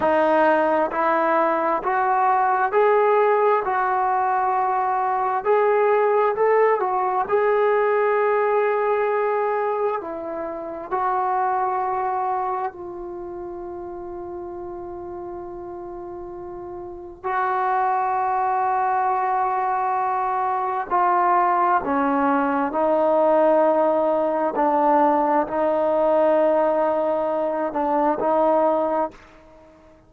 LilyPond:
\new Staff \with { instrumentName = "trombone" } { \time 4/4 \tempo 4 = 66 dis'4 e'4 fis'4 gis'4 | fis'2 gis'4 a'8 fis'8 | gis'2. e'4 | fis'2 f'2~ |
f'2. fis'4~ | fis'2. f'4 | cis'4 dis'2 d'4 | dis'2~ dis'8 d'8 dis'4 | }